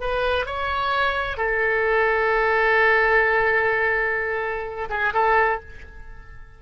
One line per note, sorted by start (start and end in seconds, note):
0.00 0.46 B4
0.46 1.37 C#5
1.37 4.88 A4
4.89 5.13 G#4
5.13 5.60 A4